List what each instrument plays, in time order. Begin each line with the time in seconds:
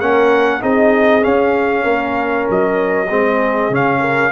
0.00 tuba A#3, trombone C#4, horn A#4, trumpet F#5
0.60 tuba C4, trombone D#4, horn G#4, trumpet D#5
1.21 trombone C#4, tuba C#4, trumpet F5
1.83 tuba A#3, horn A#4
2.49 tuba F#3, trumpet D#5
3.08 tuba G#3, trombone C4, horn G#4
3.69 tuba C#3, trombone C#4, trumpet F5
4.00 horn A#4